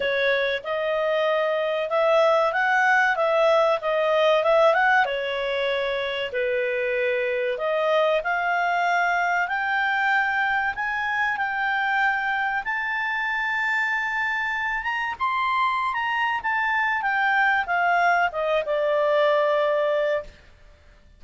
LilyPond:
\new Staff \with { instrumentName = "clarinet" } { \time 4/4 \tempo 4 = 95 cis''4 dis''2 e''4 | fis''4 e''4 dis''4 e''8 fis''8 | cis''2 b'2 | dis''4 f''2 g''4~ |
g''4 gis''4 g''2 | a''2.~ a''8 ais''8 | c'''4~ c'''16 ais''8. a''4 g''4 | f''4 dis''8 d''2~ d''8 | }